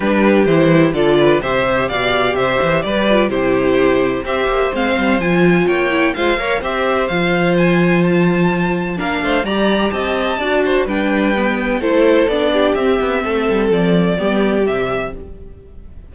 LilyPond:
<<
  \new Staff \with { instrumentName = "violin" } { \time 4/4 \tempo 4 = 127 b'4 c''4 d''4 e''4 | f''4 e''4 d''4 c''4~ | c''4 e''4 f''4 gis''4 | g''4 f''4 e''4 f''4 |
gis''4 a''2 f''4 | ais''4 a''2 g''4~ | g''4 c''4 d''4 e''4~ | e''4 d''2 e''4 | }
  \new Staff \with { instrumentName = "violin" } { \time 4/4 g'2 a'8 b'8 c''4 | d''4 c''4 b'4 g'4~ | g'4 c''2. | cis''4 c''8 cis''8 c''2~ |
c''2. ais'8 c''8 | d''4 dis''4 d''8 c''8 b'4~ | b'4 a'4. g'4. | a'2 g'2 | }
  \new Staff \with { instrumentName = "viola" } { \time 4/4 d'4 e'4 f'4 g'4~ | g'2~ g'8 f'8 e'4~ | e'4 g'4 c'4 f'4~ | f'8 e'8 f'8 ais'8 g'4 f'4~ |
f'2. d'4 | g'2 fis'4 d'4 | b4 e'4 d'4 c'4~ | c'2 b4 g4 | }
  \new Staff \with { instrumentName = "cello" } { \time 4/4 g4 e4 d4 c4 | b,4 c8 e8 g4 c4~ | c4 c'8 ais8 gis8 g8 f4 | ais4 gis8 ais8 c'4 f4~ |
f2. ais8 a8 | g4 c'4 d'4 g4~ | g4 a4 b4 c'8 b8 | a8 g8 f4 g4 c4 | }
>>